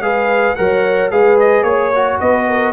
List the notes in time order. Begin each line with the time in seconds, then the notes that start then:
0.00 G#3 G#4 B4 F5
0.55 F#3 A#4 C#5 F#5
1.11 G#3 G#4 B4 F5
1.40 D#5
1.62 A#3 C#5
1.95 F#4
2.20 B3 B4 D#5
2.47 A#4